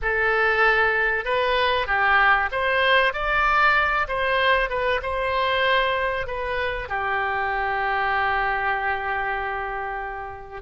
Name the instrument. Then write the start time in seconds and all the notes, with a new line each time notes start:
oboe
0.01 A4
1.24 B4
1.87 G4
2.51 C5
3.13 D5
4.08 C5
4.69 B4
5.02 C5
6.26 B4
6.88 G4